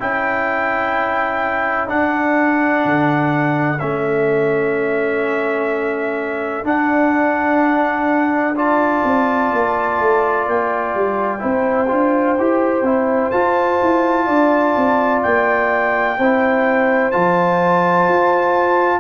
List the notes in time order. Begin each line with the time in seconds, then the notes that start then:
0.00 C#4 E4 A4 G5
1.88 D4 F#5
2.85 D3
3.80 A3 C#4 E5
6.64 D4 F#5
8.56 F4 D5 A5
9.04 C4
9.53 A#3
10.00 A3
10.47 A#3 G5
10.95 G3
11.39 C4 E4 C5
11.88 D4 F4
12.39 E4 G4
12.82 C4 E4
13.31 F4 A5
13.82 E4
14.27 D4 D5
14.77 C4
15.23 A#3 G5
16.19 C4 E4 C5
17.12 F3 F4 A5
18.09 F4